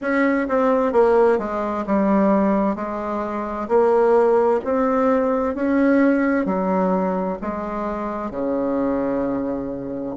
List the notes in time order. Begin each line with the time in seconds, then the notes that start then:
0.01 C#4
0.48 C4
0.92 A#3
1.38 G#3
1.86 G3
2.75 G#3
3.68 A#3
4.64 C4
5.54 C#4
6.45 F#3
7.41 G#3
8.31 C#3